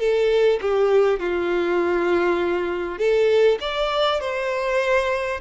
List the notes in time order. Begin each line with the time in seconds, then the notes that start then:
0.00 A4
0.61 G4
1.20 F4
2.98 A4
3.61 D5
4.21 C5